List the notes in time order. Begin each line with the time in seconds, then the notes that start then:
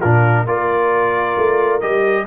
0.00 A#2 D4 F4 A#4
0.46 A#3 F4 A#4 D5
1.37 A3
1.81 G3 G4 D#5